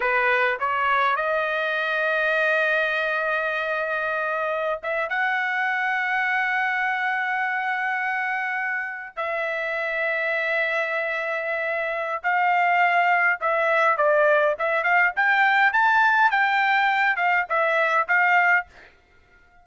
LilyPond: \new Staff \with { instrumentName = "trumpet" } { \time 4/4 \tempo 4 = 103 b'4 cis''4 dis''2~ | dis''1~ | dis''16 e''8 fis''2.~ fis''16~ | fis''2.~ fis''8. e''16~ |
e''1~ | e''4 f''2 e''4 | d''4 e''8 f''8 g''4 a''4 | g''4. f''8 e''4 f''4 | }